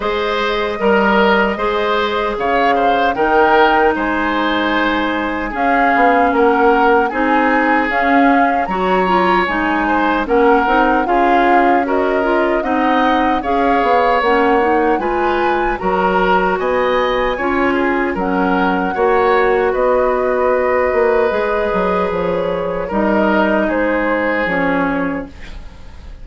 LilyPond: <<
  \new Staff \with { instrumentName = "flute" } { \time 4/4 \tempo 4 = 76 dis''2. f''4 | g''4 gis''2 f''4 | fis''4 gis''4 f''4 ais''4 | gis''4 fis''4 f''4 dis''4 |
fis''4 f''4 fis''4 gis''4 | ais''4 gis''2 fis''4~ | fis''4 dis''2. | cis''4 dis''4 c''4 cis''4 | }
  \new Staff \with { instrumentName = "oboe" } { \time 4/4 c''4 ais'4 c''4 cis''8 c''8 | ais'4 c''2 gis'4 | ais'4 gis'2 cis''4~ | cis''8 c''8 ais'4 gis'4 ais'4 |
dis''4 cis''2 b'4 | ais'4 dis''4 cis''8 gis'8 ais'4 | cis''4 b'2.~ | b'4 ais'4 gis'2 | }
  \new Staff \with { instrumentName = "clarinet" } { \time 4/4 gis'4 ais'4 gis'2 | dis'2. cis'4~ | cis'4 dis'4 cis'4 fis'8 f'8 | dis'4 cis'8 dis'8 f'4 fis'8 f'8 |
dis'4 gis'4 cis'8 dis'8 f'4 | fis'2 f'4 cis'4 | fis'2. gis'4~ | gis'4 dis'2 cis'4 | }
  \new Staff \with { instrumentName = "bassoon" } { \time 4/4 gis4 g4 gis4 cis4 | dis4 gis2 cis'8 b8 | ais4 c'4 cis'4 fis4 | gis4 ais8 c'8 cis'2 |
c'4 cis'8 b8 ais4 gis4 | fis4 b4 cis'4 fis4 | ais4 b4. ais8 gis8 fis8 | f4 g4 gis4 f4 | }
>>